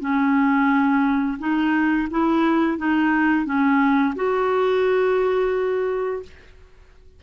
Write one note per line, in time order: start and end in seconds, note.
0.00 1.38 C#4
1.39 2.08 D#4
2.10 2.77 E4
2.77 3.45 D#4
3.45 4.14 C#4
4.15 6.22 F#4